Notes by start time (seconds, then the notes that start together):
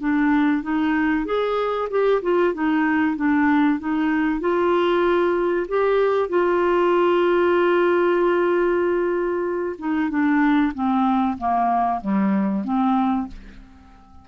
0.00 D4
0.63 D#4
1.25 G#4
1.91 G4
2.22 F4
2.54 D#4
3.16 D4
3.80 D#4
4.40 F4
5.68 G4
6.29 F4
9.79 D#4
10.10 D4
10.74 C4
11.38 A#3
12.01 G3
12.65 C4